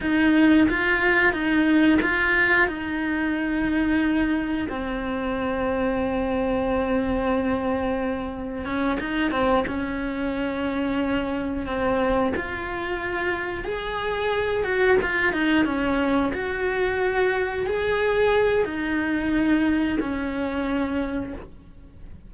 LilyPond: \new Staff \with { instrumentName = "cello" } { \time 4/4 \tempo 4 = 90 dis'4 f'4 dis'4 f'4 | dis'2. c'4~ | c'1~ | c'4 cis'8 dis'8 c'8 cis'4.~ |
cis'4. c'4 f'4.~ | f'8 gis'4. fis'8 f'8 dis'8 cis'8~ | cis'8 fis'2 gis'4. | dis'2 cis'2 | }